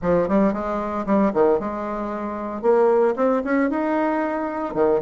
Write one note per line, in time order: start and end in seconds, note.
0.01 0.28 F3
0.28 0.53 G3
0.53 1.05 G#3
1.06 1.32 G3
1.33 1.59 D#3
1.59 2.62 G#3
2.62 3.14 A#3
3.16 3.42 C4
3.44 3.70 C#4
3.70 4.74 D#4
4.74 5.00 D#3